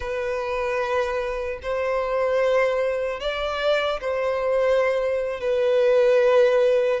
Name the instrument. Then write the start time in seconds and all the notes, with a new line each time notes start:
violin
0.00 B4
1.62 C5
3.20 D5
4.00 C5
5.40 B4